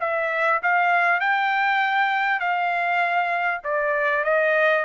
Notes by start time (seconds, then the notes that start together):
0.00 E5
0.62 F5
1.20 G5
2.40 F5
3.64 D5
4.24 D#5